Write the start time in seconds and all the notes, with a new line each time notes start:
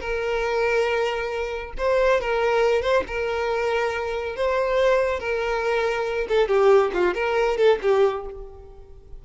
0.00 A#4
1.77 C5
2.21 A#4
2.82 C5
3.07 A#4
4.36 C5
5.19 A#4
6.28 A4
6.47 G4
6.93 F4
7.14 A#4
7.57 A4
7.82 G4